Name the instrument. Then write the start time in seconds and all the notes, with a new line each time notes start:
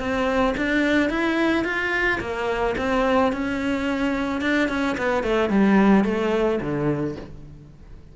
cello
0.00 C4
0.58 D4
1.10 E4
1.65 F4
2.21 A#3
2.78 C4
3.33 C#4
4.42 D4
4.69 C#4
4.98 B3
5.24 A3
5.50 G3
6.05 A3
6.61 D3